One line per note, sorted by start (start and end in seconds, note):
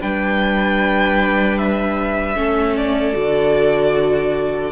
0.00 2.35 G3
0.00 2.35 D4
0.00 2.37 B4
0.00 1.58 G5
1.58 2.76 E5
2.35 3.14 A3
2.35 3.13 C#4
2.35 4.72 A4
2.76 4.72 D5
3.13 4.72 D3
3.13 4.71 F#4